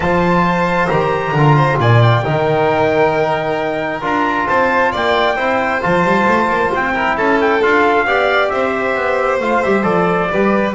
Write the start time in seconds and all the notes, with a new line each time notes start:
0.00 F3 F4 C5 A5
0.89 D#3 G4 A#5
1.31 D3 A#4
1.37 F4
1.56 C5
1.78 A#2 D5 G#5
2.01 G5
2.23 D#3 D#4 A#4
4.01 D4 F4 A#5
4.47 C4 C5 A5
4.92 A#3 D5 G5
5.35 C4 E4 C5
5.81 F3 F4 A5
6.04 G3
6.28 A3
6.48 A#3
6.74 C4 G5
6.93 E4 A#4
7.16 C#4 A4 A5
7.41 G5
7.62 D4 F4 F5
8.05 B3 G4 D5
8.49 C4 C5 E5
8.94 B3
9.39 A3 F4 F5
9.63 G3 G4 E5
9.82 F3 A4 D5
10.31 G3 G4 B4